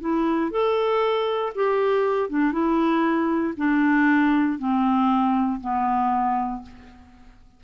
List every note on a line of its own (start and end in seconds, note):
0.00 0.51 E4
0.51 1.53 A4
1.55 2.29 G4
2.29 2.52 D4
2.52 3.54 E4
3.57 4.59 D4
4.59 5.60 C4
5.60 6.62 B3